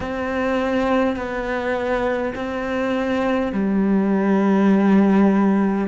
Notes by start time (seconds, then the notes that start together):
0.00 C4
1.16 B3
2.35 C4
3.52 G3